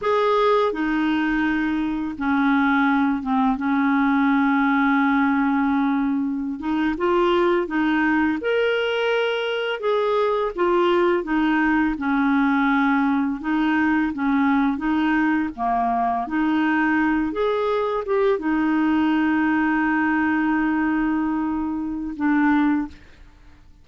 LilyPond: \new Staff \with { instrumentName = "clarinet" } { \time 4/4 \tempo 4 = 84 gis'4 dis'2 cis'4~ | cis'8 c'8 cis'2.~ | cis'4~ cis'16 dis'8 f'4 dis'4 ais'16~ | ais'4.~ ais'16 gis'4 f'4 dis'16~ |
dis'8. cis'2 dis'4 cis'16~ | cis'8. dis'4 ais4 dis'4~ dis'16~ | dis'16 gis'4 g'8 dis'2~ dis'16~ | dis'2. d'4 | }